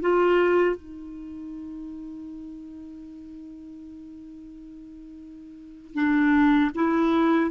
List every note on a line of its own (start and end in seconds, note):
0.00 0.76 F4
0.76 5.94 D#4
5.94 6.71 D4
6.74 7.50 E4